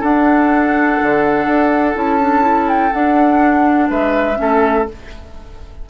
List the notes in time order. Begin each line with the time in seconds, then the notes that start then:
0.00 D4 A4 F#5
1.02 D3
1.46 D4
1.95 C#4 E4 A5
2.20 D4
2.41 E4
2.69 G5
2.93 D4 F#5
3.89 G#3 B4 E5
4.36 A3 C#4 A4